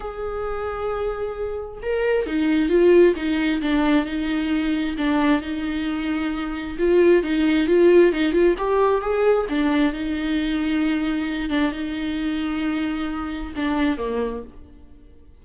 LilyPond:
\new Staff \with { instrumentName = "viola" } { \time 4/4 \tempo 4 = 133 gis'1 | ais'4 dis'4 f'4 dis'4 | d'4 dis'2 d'4 | dis'2. f'4 |
dis'4 f'4 dis'8 f'8 g'4 | gis'4 d'4 dis'2~ | dis'4. d'8 dis'2~ | dis'2 d'4 ais4 | }